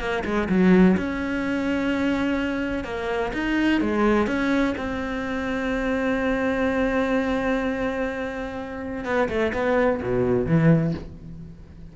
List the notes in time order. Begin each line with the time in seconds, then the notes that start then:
0.00 A#3
0.25 G#3
0.49 F#3
0.97 C#4
2.85 A#3
3.34 D#4
3.81 G#3
4.27 C#4
4.78 C4
9.05 B3
9.29 A3
9.54 B3
10.03 B2
10.47 E3